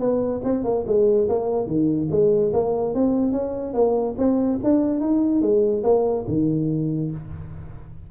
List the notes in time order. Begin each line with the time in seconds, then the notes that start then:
0.00 B3
0.45 C4
0.65 A#3
0.87 G#3
1.29 A#3
1.67 D#3
2.11 G#3
2.54 A#3
2.95 C4
3.32 C#4
3.74 A#3
4.19 C4
4.64 D4
5.01 D#4
5.42 G#3
5.84 A#3
6.28 D#3